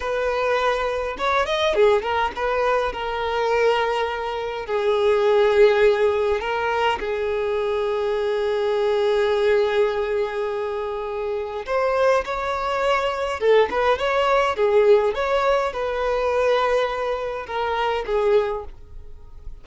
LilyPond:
\new Staff \with { instrumentName = "violin" } { \time 4/4 \tempo 4 = 103 b'2 cis''8 dis''8 gis'8 ais'8 | b'4 ais'2. | gis'2. ais'4 | gis'1~ |
gis'1 | c''4 cis''2 a'8 b'8 | cis''4 gis'4 cis''4 b'4~ | b'2 ais'4 gis'4 | }